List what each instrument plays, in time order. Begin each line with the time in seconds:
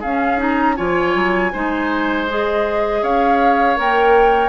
0.00 bassoon C#4, clarinet C#4, oboe G#4, flute F5
0.37 clarinet D#4, flute A#5
0.76 bassoon F3, clarinet F4, oboe C#5, flute G#5
1.15 bassoon F#3
1.52 bassoon G#3, clarinet D#4, oboe C5
2.29 clarinet G#4, flute D#5
3.02 bassoon C#4, oboe C#5, flute F5
3.76 bassoon A#3, clarinet A#4, flute G5